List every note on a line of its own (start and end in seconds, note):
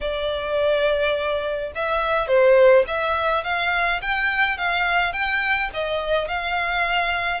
0.00 1.72 D5
1.75 2.27 E5
2.27 2.84 C5
2.87 3.43 E5
3.43 4.01 F5
4.01 4.57 G5
4.57 5.12 F5
5.12 5.69 G5
5.73 6.28 D#5
6.28 7.40 F5